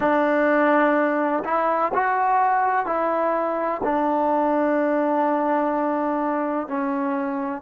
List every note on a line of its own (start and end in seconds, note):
0.00 1.43 D4
1.44 1.91 E4
1.94 2.86 F#4
2.86 3.81 E4
3.84 6.67 D4
6.67 7.61 C#4